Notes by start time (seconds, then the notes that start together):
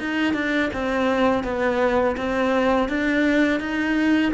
0.00 D#4
0.34 D4
0.74 C4
1.44 B3
2.17 C4
2.89 D4
3.60 D#4